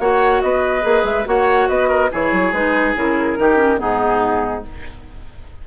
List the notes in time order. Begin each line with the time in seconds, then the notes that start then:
0.00 A#3 F#4 C#5 F#5
0.42 B3 B4 D#5
0.82 A#3 G#4
1.04 G#3 E5
1.26 A#3 F#4 C#5 F#5
1.69 B3 B4 D#5
1.89 A#4
2.11 E3 E4 G#4 C#5
2.32 F#3
2.53 G#3 D#4 B4
2.96 C#3 E4 A#4
3.37 D#3 D#4 G4
3.57 C#4
3.78 G#2 B3 D#4 G#4